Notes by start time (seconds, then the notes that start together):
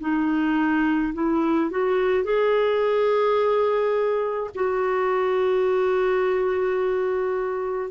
0.00 D#4
1.14 E4
1.71 F#4
2.24 G#4
4.55 F#4